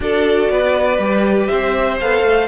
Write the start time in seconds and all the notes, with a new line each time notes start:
0.00 D4 F#4 A4 D5
0.49 B3 B4
0.98 G3 G4
1.47 C4 C5 E5
2.00 B3 A4 F5
2.22 A3